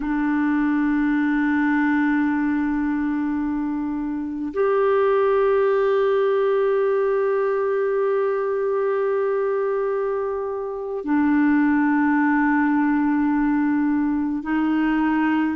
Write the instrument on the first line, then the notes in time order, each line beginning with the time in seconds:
clarinet
0.00 D4
4.53 G4
11.04 D4
14.42 D#4